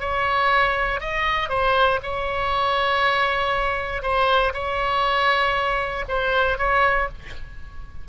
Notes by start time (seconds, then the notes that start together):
0.00 C#5
1.00 D#5
1.49 C5
2.03 C#5
4.02 C5
4.54 C#5
6.09 C5
6.58 C#5